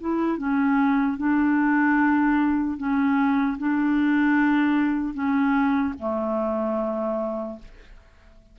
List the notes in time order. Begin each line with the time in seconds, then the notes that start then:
0.00 E4
0.37 C#4
1.17 D4
2.77 C#4
3.58 D4
5.13 C#4
5.99 A3